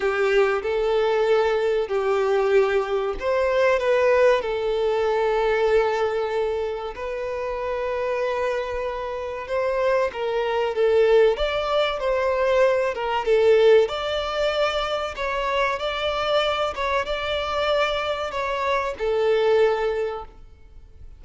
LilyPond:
\new Staff \with { instrumentName = "violin" } { \time 4/4 \tempo 4 = 95 g'4 a'2 g'4~ | g'4 c''4 b'4 a'4~ | a'2. b'4~ | b'2. c''4 |
ais'4 a'4 d''4 c''4~ | c''8 ais'8 a'4 d''2 | cis''4 d''4. cis''8 d''4~ | d''4 cis''4 a'2 | }